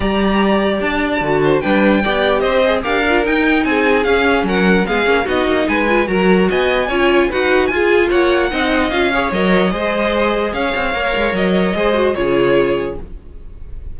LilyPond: <<
  \new Staff \with { instrumentName = "violin" } { \time 4/4 \tempo 4 = 148 ais''2 a''2 | g''2 dis''4 f''4 | g''4 gis''4 f''4 fis''4 | f''4 dis''4 gis''4 ais''4 |
gis''2 fis''4 gis''4 | fis''2 f''4 dis''4~ | dis''2 f''2 | dis''2 cis''2 | }
  \new Staff \with { instrumentName = "violin" } { \time 4/4 d''2.~ d''8 c''8 | b'4 d''4 c''4 ais'4~ | ais'4 gis'2 ais'4 | gis'4 fis'4 b'4 ais'4 |
dis''4 cis''4 b'4 gis'4 | cis''4 dis''4. cis''4. | c''2 cis''2~ | cis''4 c''4 gis'2 | }
  \new Staff \with { instrumentName = "viola" } { \time 4/4 g'2. fis'4 | d'4 g'4. gis'8 g'8 f'8 | dis'2 cis'2 | b8 cis'8 dis'4. f'8 fis'4~ |
fis'4 f'4 fis'4 f'4~ | f'4 dis'4 f'8 gis'8 ais'4 | gis'2. ais'4~ | ais'4 gis'8 fis'8 f'2 | }
  \new Staff \with { instrumentName = "cello" } { \time 4/4 g2 d'4 d4 | g4 b4 c'4 d'4 | dis'4 c'4 cis'4 fis4 | gis8 ais8 b8 ais8 gis4 fis4 |
b4 cis'4 dis'4 f'4 | ais4 c'4 cis'4 fis4 | gis2 cis'8 c'8 ais8 gis8 | fis4 gis4 cis2 | }
>>